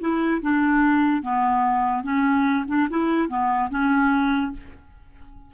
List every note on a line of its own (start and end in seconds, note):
0.00 0.41 E4
0.41 1.22 D4
1.22 2.03 B3
2.03 2.65 C#4
2.67 2.88 D4
2.90 3.28 E4
3.28 3.69 B3
3.70 4.52 C#4